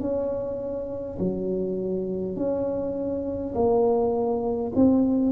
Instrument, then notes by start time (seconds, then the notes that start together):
tuba
0.00 C#4
1.19 F#3
2.36 C#4
3.55 A#3
4.75 C4